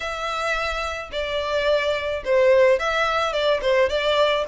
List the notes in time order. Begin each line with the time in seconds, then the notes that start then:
0.00 E5
1.12 D5
2.24 C5
2.79 E5
3.32 D5
3.61 C5
3.89 D5